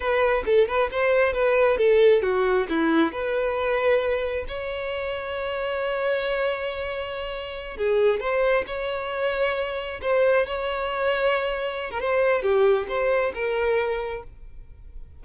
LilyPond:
\new Staff \with { instrumentName = "violin" } { \time 4/4 \tempo 4 = 135 b'4 a'8 b'8 c''4 b'4 | a'4 fis'4 e'4 b'4~ | b'2 cis''2~ | cis''1~ |
cis''4. gis'4 c''4 cis''8~ | cis''2~ cis''8 c''4 cis''8~ | cis''2~ cis''8. ais'16 c''4 | g'4 c''4 ais'2 | }